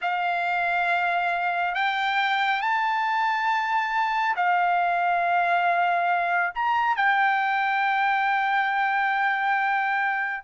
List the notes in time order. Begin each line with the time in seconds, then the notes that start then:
0.01 F5
1.74 G5
2.61 A5
4.36 F5
6.54 A#5
6.96 G5